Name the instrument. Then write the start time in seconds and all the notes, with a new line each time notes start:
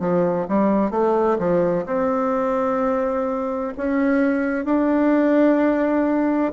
bassoon
0.00 F3
0.48 G3
0.91 A3
1.38 F3
1.86 C4
3.78 C#4
4.65 D4